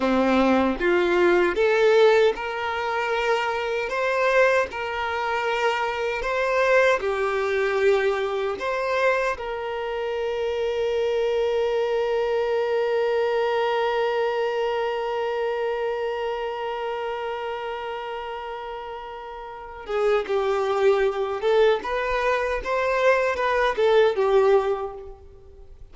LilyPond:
\new Staff \with { instrumentName = "violin" } { \time 4/4 \tempo 4 = 77 c'4 f'4 a'4 ais'4~ | ais'4 c''4 ais'2 | c''4 g'2 c''4 | ais'1~ |
ais'1~ | ais'1~ | ais'4. gis'8 g'4. a'8 | b'4 c''4 b'8 a'8 g'4 | }